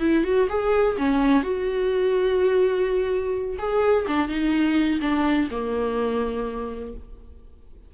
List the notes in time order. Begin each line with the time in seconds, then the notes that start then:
0.00 E4
0.24 F#4
0.49 G#4
0.97 C#4
1.43 F#4
3.58 G#4
4.07 D4
4.28 D#4
5.01 D4
5.51 A#3